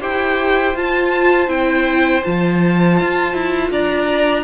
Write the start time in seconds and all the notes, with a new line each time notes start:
0.00 E4 G4 C5 G5
0.74 F4 A5
1.48 C4 E4 G5
2.23 F3 F4 A5
3.00 F4
3.33 E4
3.71 D4 D5 A#5